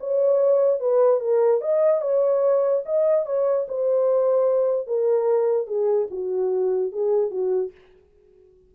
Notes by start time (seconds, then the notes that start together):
0.00 C#5
0.80 B4
1.20 A#4
1.61 D#5
2.02 C#5
2.85 D#5
3.26 C#5
3.68 C5
4.87 A#4
5.67 G#4
6.11 F#4
6.92 G#4
7.31 F#4